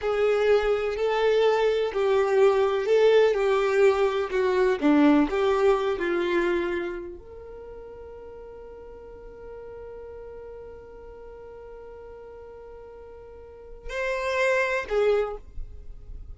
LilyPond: \new Staff \with { instrumentName = "violin" } { \time 4/4 \tempo 4 = 125 gis'2 a'2 | g'2 a'4 g'4~ | g'4 fis'4 d'4 g'4~ | g'8 f'2~ f'8 ais'4~ |
ais'1~ | ais'1~ | ais'1~ | ais'4 c''2 gis'4 | }